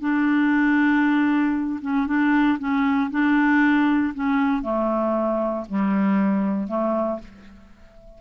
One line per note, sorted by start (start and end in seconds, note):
0.00 1.79 D4
1.81 2.07 C#4
2.07 2.58 D4
2.59 3.10 C#4
3.10 4.13 D4
4.14 4.62 C#4
4.62 5.65 A3
5.69 6.68 G3
6.68 7.19 A3